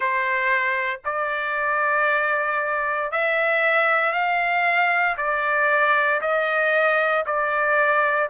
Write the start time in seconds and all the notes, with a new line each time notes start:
0.00 C5
1.04 D5
3.11 E5
4.12 F5
5.17 D5
6.21 D#5
7.26 D5